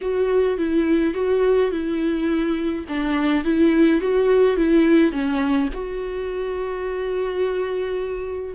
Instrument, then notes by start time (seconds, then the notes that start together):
viola
0.01 F#4
0.57 E4
1.14 F#4
1.71 E4
2.88 D4
3.44 E4
4.00 F#4
4.57 E4
5.11 C#4
5.73 F#4